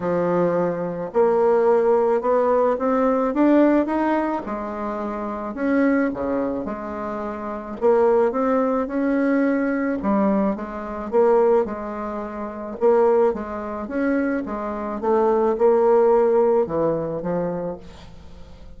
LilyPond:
\new Staff \with { instrumentName = "bassoon" } { \time 4/4 \tempo 4 = 108 f2 ais2 | b4 c'4 d'4 dis'4 | gis2 cis'4 cis4 | gis2 ais4 c'4 |
cis'2 g4 gis4 | ais4 gis2 ais4 | gis4 cis'4 gis4 a4 | ais2 e4 f4 | }